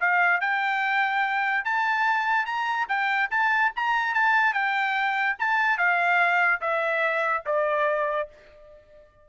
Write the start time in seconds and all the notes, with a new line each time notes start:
0.00 F5
0.41 G5
1.65 A5
2.46 A#5
2.89 G5
3.31 A5
3.76 A#5
4.14 A5
4.53 G5
5.39 A5
5.78 F5
6.61 E5
7.46 D5